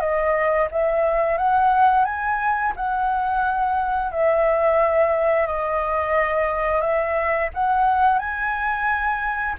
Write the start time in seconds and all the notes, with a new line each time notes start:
0.00 D#5
0.71 E5
1.38 F#5
2.05 G#5
2.76 F#5
4.12 E5
5.47 D#5
6.81 E5
7.54 F#5
8.19 G#5